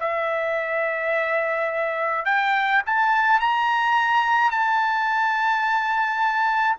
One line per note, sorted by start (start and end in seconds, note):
0.00 2.25 E5
2.25 2.82 G5
2.86 3.40 A5
3.40 4.51 A#5
4.51 6.77 A5